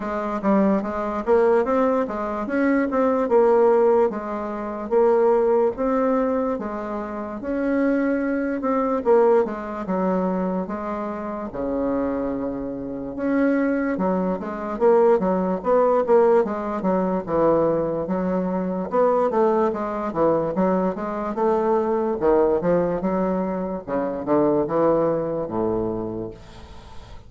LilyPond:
\new Staff \with { instrumentName = "bassoon" } { \time 4/4 \tempo 4 = 73 gis8 g8 gis8 ais8 c'8 gis8 cis'8 c'8 | ais4 gis4 ais4 c'4 | gis4 cis'4. c'8 ais8 gis8 | fis4 gis4 cis2 |
cis'4 fis8 gis8 ais8 fis8 b8 ais8 | gis8 fis8 e4 fis4 b8 a8 | gis8 e8 fis8 gis8 a4 dis8 f8 | fis4 cis8 d8 e4 a,4 | }